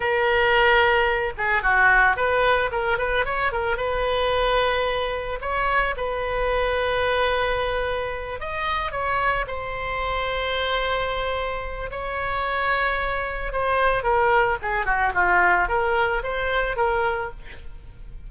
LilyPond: \new Staff \with { instrumentName = "oboe" } { \time 4/4 \tempo 4 = 111 ais'2~ ais'8 gis'8 fis'4 | b'4 ais'8 b'8 cis''8 ais'8 b'4~ | b'2 cis''4 b'4~ | b'2.~ b'8 dis''8~ |
dis''8 cis''4 c''2~ c''8~ | c''2 cis''2~ | cis''4 c''4 ais'4 gis'8 fis'8 | f'4 ais'4 c''4 ais'4 | }